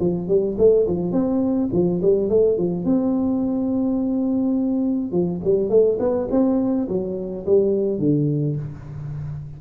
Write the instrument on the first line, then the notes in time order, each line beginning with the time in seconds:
tuba
0.00 F3
0.28 G3
0.58 A3
0.87 F3
1.12 C4
1.72 F3
2.02 G3
2.29 A3
2.57 F3
2.85 C4
5.12 F3
5.44 G3
5.70 A3
5.99 B3
6.31 C4
6.88 F#3
7.46 G3
7.99 D3